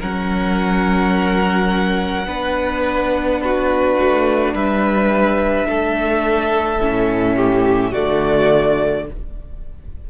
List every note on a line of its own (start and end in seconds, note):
0.00 2.26 F#3
0.00 2.26 C#4
0.00 2.27 A#4
0.00 3.42 F#5
2.26 3.96 B3
2.26 6.79 D4
2.26 3.41 B4
3.42 4.55 F#4
3.42 4.55 B4
4.00 4.54 A3
4.54 5.66 G3
4.54 5.68 B4
4.54 7.93 E5
5.66 6.79 A3
5.66 7.36 A4
6.79 7.93 A2
6.79 7.93 C#4
7.36 7.92 G4
7.92 9.10 D3
7.92 9.06 A3
7.92 9.05 F#4
7.92 9.07 D5